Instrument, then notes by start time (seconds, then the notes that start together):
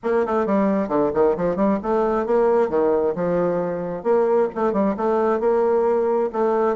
bassoon
0.03 A#3
0.26 A3
0.46 G3
0.88 D3
1.13 D#3
1.36 F3
1.56 G3
1.83 A3
2.26 A#3
2.69 D#3
3.15 F3
4.03 A#3
4.55 A3
4.72 G3
4.96 A3
5.40 A#3
6.32 A3